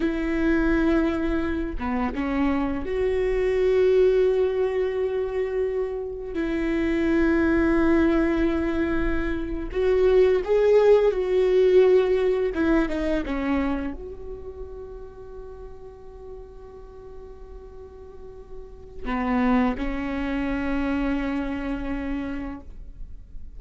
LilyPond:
\new Staff \with { instrumentName = "viola" } { \time 4/4 \tempo 4 = 85 e'2~ e'8 b8 cis'4 | fis'1~ | fis'4 e'2.~ | e'4.~ e'16 fis'4 gis'4 fis'16~ |
fis'4.~ fis'16 e'8 dis'8 cis'4 fis'16~ | fis'1~ | fis'2. b4 | cis'1 | }